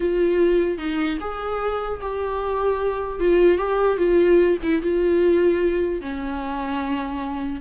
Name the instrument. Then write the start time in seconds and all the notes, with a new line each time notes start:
viola
0.00 F4
0.77 D#4
1.20 G#4
2.01 G4
3.19 F4
3.58 G4
3.97 F4
4.62 E4
4.81 F4
6.01 C#4